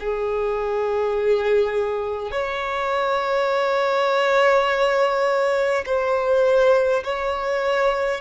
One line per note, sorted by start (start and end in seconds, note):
0.00 2.32 G#4
2.32 5.85 C#5
5.86 7.04 C5
7.04 8.21 C#5